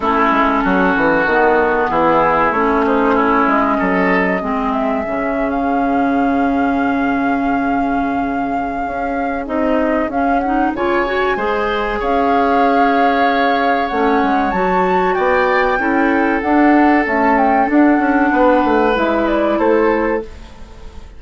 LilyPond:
<<
  \new Staff \with { instrumentName = "flute" } { \time 4/4 \tempo 4 = 95 a'2. gis'4 | cis''8 c''8 cis''8 dis''2 e''8~ | e''8. f''2.~ f''16~ | f''2. dis''4 |
f''8 fis''8 gis''2 f''4~ | f''2 fis''4 a''4 | g''2 fis''4 a''8 g''8 | fis''2 e''8 d''8 c''4 | }
  \new Staff \with { instrumentName = "oboe" } { \time 4/4 e'4 fis'2 e'4~ | e'8 dis'8 e'4 a'4 gis'4~ | gis'1~ | gis'1~ |
gis'4 cis''4 c''4 cis''4~ | cis''1 | d''4 a'2.~ | a'4 b'2 a'4 | }
  \new Staff \with { instrumentName = "clarinet" } { \time 4/4 cis'2 b2 | cis'2. c'4 | cis'1~ | cis'2. dis'4 |
cis'8 dis'8 f'8 fis'8 gis'2~ | gis'2 cis'4 fis'4~ | fis'4 e'4 d'4 a4 | d'2 e'2 | }
  \new Staff \with { instrumentName = "bassoon" } { \time 4/4 a8 gis8 fis8 e8 dis4 e4 | a4. gis8 fis4 gis4 | cis1~ | cis2 cis'4 c'4 |
cis'4 cis4 gis4 cis'4~ | cis'2 a8 gis8 fis4 | b4 cis'4 d'4 cis'4 | d'8 cis'8 b8 a8 gis4 a4 | }
>>